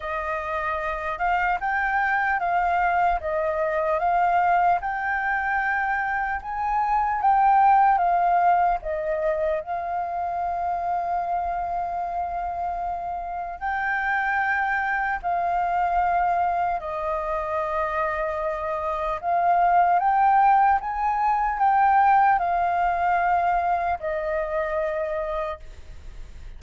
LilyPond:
\new Staff \with { instrumentName = "flute" } { \time 4/4 \tempo 4 = 75 dis''4. f''8 g''4 f''4 | dis''4 f''4 g''2 | gis''4 g''4 f''4 dis''4 | f''1~ |
f''4 g''2 f''4~ | f''4 dis''2. | f''4 g''4 gis''4 g''4 | f''2 dis''2 | }